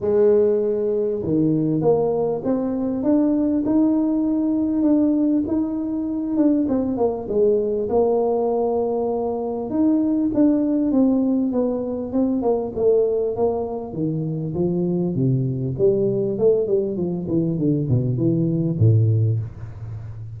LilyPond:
\new Staff \with { instrumentName = "tuba" } { \time 4/4 \tempo 4 = 99 gis2 dis4 ais4 | c'4 d'4 dis'2 | d'4 dis'4. d'8 c'8 ais8 | gis4 ais2. |
dis'4 d'4 c'4 b4 | c'8 ais8 a4 ais4 dis4 | f4 c4 g4 a8 g8 | f8 e8 d8 b,8 e4 a,4 | }